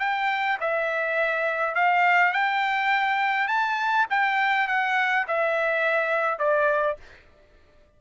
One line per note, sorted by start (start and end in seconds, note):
0.00 0.58 G5
0.61 1.75 E5
1.75 2.33 F5
2.33 3.48 G5
3.48 4.06 A5
4.10 4.68 G5
4.68 5.26 F#5
5.28 6.39 E5
6.39 6.97 D5